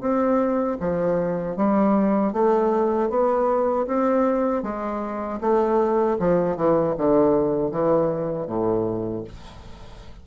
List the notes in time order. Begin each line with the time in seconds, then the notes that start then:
0.00 C4
0.79 F3
1.56 G3
2.33 A3
3.09 B3
3.87 C4
4.63 G#3
5.40 A3
6.19 F3
6.56 E3
6.97 D3
7.71 E3
8.47 A2